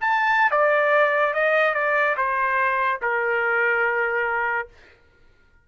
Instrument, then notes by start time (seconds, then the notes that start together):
trumpet
0.00 A5
0.51 D5
1.33 D#5
1.73 D5
2.16 C5
3.01 A#4